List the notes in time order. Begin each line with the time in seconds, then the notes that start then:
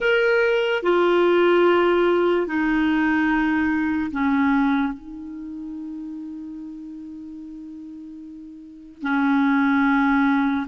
0.00 A#4
0.82 F4
2.47 D#4
4.11 C#4
4.93 D#4
9.02 C#4